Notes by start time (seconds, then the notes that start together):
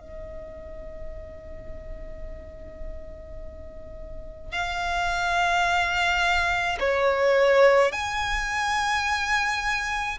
0.00 D#5
4.52 F5
6.80 C#5
7.92 G#5